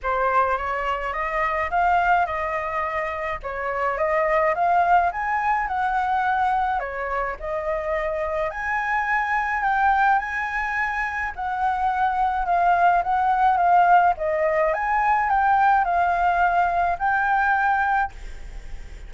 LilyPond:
\new Staff \with { instrumentName = "flute" } { \time 4/4 \tempo 4 = 106 c''4 cis''4 dis''4 f''4 | dis''2 cis''4 dis''4 | f''4 gis''4 fis''2 | cis''4 dis''2 gis''4~ |
gis''4 g''4 gis''2 | fis''2 f''4 fis''4 | f''4 dis''4 gis''4 g''4 | f''2 g''2 | }